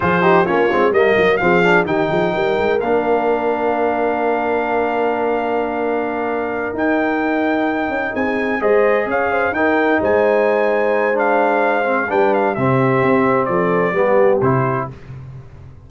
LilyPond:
<<
  \new Staff \with { instrumentName = "trumpet" } { \time 4/4 \tempo 4 = 129 c''4 cis''4 dis''4 f''4 | g''2 f''2~ | f''1~ | f''2~ f''8 g''4.~ |
g''4. gis''4 dis''4 f''8~ | f''8 g''4 gis''2~ gis''8 | f''2 g''8 f''8 e''4~ | e''4 d''2 c''4 | }
  \new Staff \with { instrumentName = "horn" } { \time 4/4 gis'8 g'8 f'4 ais'4 gis'4 | g'8 gis'8 ais'2.~ | ais'1~ | ais'1~ |
ais'4. gis'4 c''4 cis''8 | c''8 ais'4 c''2~ c''8~ | c''2 b'4 g'4~ | g'4 a'4 g'2 | }
  \new Staff \with { instrumentName = "trombone" } { \time 4/4 f'8 dis'8 cis'8 c'8 ais4 c'8 d'8 | dis'2 d'2~ | d'1~ | d'2~ d'8 dis'4.~ |
dis'2~ dis'8 gis'4.~ | gis'8 dis'2.~ dis'8 | d'4. c'8 d'4 c'4~ | c'2 b4 e'4 | }
  \new Staff \with { instrumentName = "tuba" } { \time 4/4 f4 ais8 gis8 g8 fis8 f4 | dis8 f8 g8 gis8 ais2~ | ais1~ | ais2~ ais8 dis'4.~ |
dis'4 cis'8 c'4 gis4 cis'8~ | cis'8 dis'4 gis2~ gis8~ | gis2 g4 c4 | c'4 f4 g4 c4 | }
>>